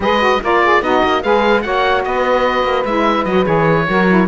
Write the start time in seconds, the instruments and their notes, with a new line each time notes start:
0.00 cello G#3, saxophone G#4 B4, oboe D#5
0.19 saxophone F#4
0.41 cello A#3, saxophone F4 A#4, oboe D5
0.63 saxophone G#4
0.81 cello B3, saxophone D#4 F#4, oboe D#5
1.04 cello A#3
1.23 cello G#3, saxophone G#4 B4, oboe F5
1.61 cello A#3, saxophone F#4 C#5, oboe F#5
2.04 cello B3, saxophone B4, oboe D#5
2.63 cello A#3
2.84 cello G#3, saxophone E4, oboe E5
3.24 cello F#3, saxophone F#4, oboe D#5
3.44 cello E3, saxophone G#4, oboe C#5
3.87 cello F#3, saxophone F#4 A#4
4.08 saxophone E4